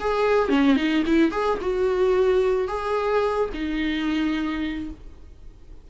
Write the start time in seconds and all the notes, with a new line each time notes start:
0.00 G#4
0.49 C#4
0.76 D#4
1.06 E4
1.31 G#4
1.61 F#4
2.68 G#4
3.54 D#4